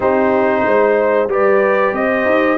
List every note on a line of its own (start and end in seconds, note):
0.00 0.65 C4
0.00 1.28 D#4
0.00 0.64 G4
0.00 1.30 C5
0.65 1.27 G#3
0.65 1.30 C5
1.27 1.92 G3
1.27 2.58 G4
1.27 1.94 B4
1.27 1.94 D5
1.92 2.25 C4
1.92 2.58 C5
1.92 2.58 D#5
2.25 2.57 D#4